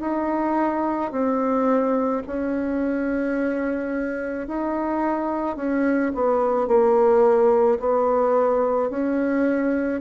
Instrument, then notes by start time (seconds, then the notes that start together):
bassoon
0.00 D#4
1.11 C4
2.26 C#4
4.47 D#4
5.56 C#4
6.14 B3
6.67 A#3
7.79 B3
8.89 C#4